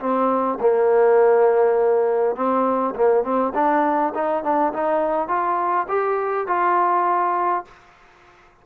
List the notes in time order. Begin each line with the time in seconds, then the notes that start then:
0.00 C4
0.61 A#3
2.36 C4
2.96 A#3
3.24 C4
3.55 D4
4.15 D#4
4.44 D4
4.74 D#4
5.29 F4
5.89 G4
6.48 F4